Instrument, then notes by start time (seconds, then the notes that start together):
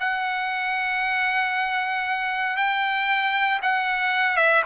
trumpet
0.00 F#5
2.57 G5
3.63 F#5
4.37 E5